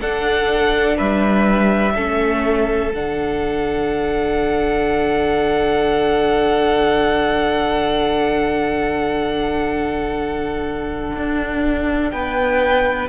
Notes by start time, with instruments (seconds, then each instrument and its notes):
0.00 viola D4, cello D4, violin A4 F#5
0.97 cello G3, violin B4 E5
1.95 cello A3, viola C#4, violin A4
2.92 cello D3, viola D4, violin F#5
11.16 cello D4
12.10 cello B3, violin B4 G5